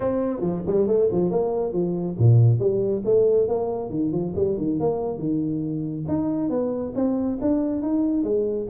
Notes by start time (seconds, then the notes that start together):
0.00 C4
0.40 F3
0.66 G3
0.87 A3
1.11 F3
1.30 A#3
1.72 F3
2.18 A#2
2.59 G3
3.04 A3
3.48 A#3
3.90 D#3
4.11 F3
4.35 G3
4.57 D#3
4.79 A#3
5.18 D#3
6.08 D#4
6.49 B3
6.95 C4
7.41 D4
7.82 D#4
8.23 G#3